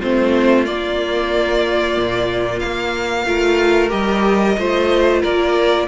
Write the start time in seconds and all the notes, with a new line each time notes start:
0.00 A3 C4 F4 C5
0.65 A#3 D5
1.97 A#2
2.59 A#3 F5
3.27 A3 F4 A#4
3.89 G3 G4 D#5
4.58 A3 F4 C5
5.22 A#3 A#4 D5